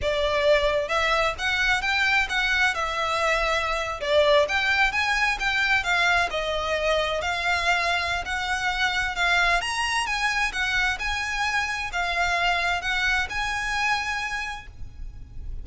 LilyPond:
\new Staff \with { instrumentName = "violin" } { \time 4/4 \tempo 4 = 131 d''2 e''4 fis''4 | g''4 fis''4 e''2~ | e''8. d''4 g''4 gis''4 g''16~ | g''8. f''4 dis''2 f''16~ |
f''2 fis''2 | f''4 ais''4 gis''4 fis''4 | gis''2 f''2 | fis''4 gis''2. | }